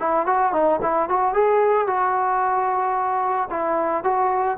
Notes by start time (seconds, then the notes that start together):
0.00 E4
0.27 F#4
0.53 D#4
0.82 E4
1.09 F#4
1.34 G#4
1.87 F#4
3.51 E4
4.04 F#4